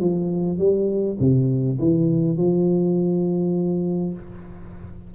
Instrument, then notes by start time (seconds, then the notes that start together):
tuba
0.00 F3
0.58 G3
1.19 C3
1.78 E3
2.37 F3